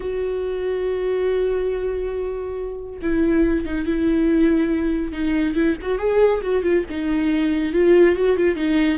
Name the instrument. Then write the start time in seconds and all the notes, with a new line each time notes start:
viola
0.00 F#4
3.02 E4
3.65 D#4
3.86 E4
5.12 D#4
5.55 E4
5.81 F#4
5.98 G#4
6.41 F#4
6.63 F4
6.89 D#4
7.72 F4
8.15 F#4
8.36 F4
8.55 D#4